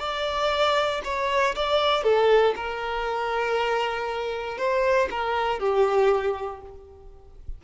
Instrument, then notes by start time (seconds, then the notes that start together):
violin
0.00 D5
1.04 C#5
1.56 D5
2.04 A4
2.56 A#4
4.58 C5
5.11 A#4
5.60 G4